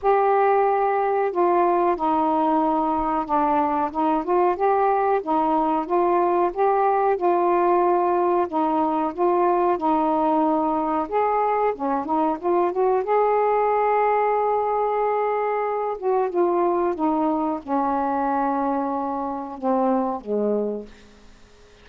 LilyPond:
\new Staff \with { instrumentName = "saxophone" } { \time 4/4 \tempo 4 = 92 g'2 f'4 dis'4~ | dis'4 d'4 dis'8 f'8 g'4 | dis'4 f'4 g'4 f'4~ | f'4 dis'4 f'4 dis'4~ |
dis'4 gis'4 cis'8 dis'8 f'8 fis'8 | gis'1~ | gis'8 fis'8 f'4 dis'4 cis'4~ | cis'2 c'4 gis4 | }